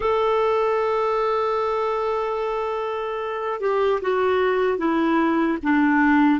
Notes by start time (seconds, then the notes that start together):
0.00 A4
3.60 G4
4.01 F#4
4.77 E4
5.63 D4